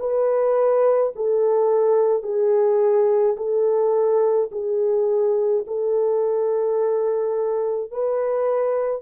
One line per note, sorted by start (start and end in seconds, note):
0.00 1.13 B4
1.16 2.23 A4
2.23 3.36 G#4
3.37 4.50 A4
4.52 5.65 G#4
5.67 7.91 A4
7.91 9.03 B4